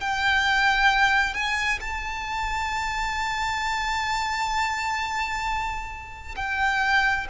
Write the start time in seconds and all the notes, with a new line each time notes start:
0.00 G5
1.33 G#5
1.80 A5
6.36 G5